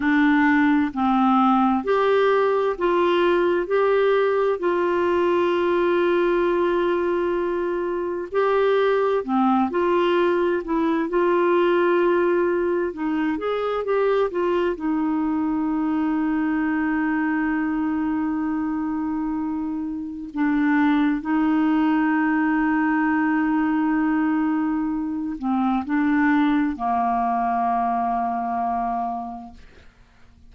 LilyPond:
\new Staff \with { instrumentName = "clarinet" } { \time 4/4 \tempo 4 = 65 d'4 c'4 g'4 f'4 | g'4 f'2.~ | f'4 g'4 c'8 f'4 e'8 | f'2 dis'8 gis'8 g'8 f'8 |
dis'1~ | dis'2 d'4 dis'4~ | dis'2.~ dis'8 c'8 | d'4 ais2. | }